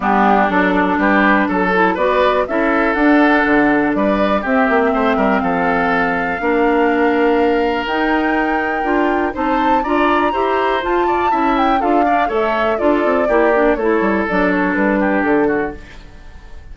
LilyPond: <<
  \new Staff \with { instrumentName = "flute" } { \time 4/4 \tempo 4 = 122 g'4 a'4 b'4 a'4 | d''4 e''4 fis''2 | d''4 e''2 f''4~ | f''1 |
g''2. a''4 | ais''2 a''4. g''8 | f''4 e''4 d''2 | cis''4 d''8 cis''8 b'4 a'4 | }
  \new Staff \with { instrumentName = "oboe" } { \time 4/4 d'2 g'4 a'4 | b'4 a'2. | b'4 g'4 c''8 ais'8 a'4~ | a'4 ais'2.~ |
ais'2. c''4 | d''4 c''4. d''8 e''4 | a'8 d''8 cis''4 a'4 g'4 | a'2~ a'8 g'4 fis'8 | }
  \new Staff \with { instrumentName = "clarinet" } { \time 4/4 b4 d'2~ d'8 e'8 | fis'4 e'4 d'2~ | d'4 c'2.~ | c'4 d'2. |
dis'2 f'4 dis'4 | f'4 g'4 f'4 e'4 | f'8 d'8 a'4 f'4 e'8 d'8 | e'4 d'2. | }
  \new Staff \with { instrumentName = "bassoon" } { \time 4/4 g4 fis4 g4 fis4 | b4 cis'4 d'4 d4 | g4 c'8 ais8 a8 g8 f4~ | f4 ais2. |
dis'2 d'4 c'4 | d'4 e'4 f'4 cis'4 | d'4 a4 d'8 c'8 ais4 | a8 g8 fis4 g4 d4 | }
>>